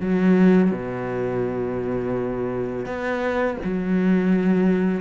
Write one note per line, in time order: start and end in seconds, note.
0.00 0.71 F#3
0.71 2.85 B2
2.85 3.57 B3
3.64 5.01 F#3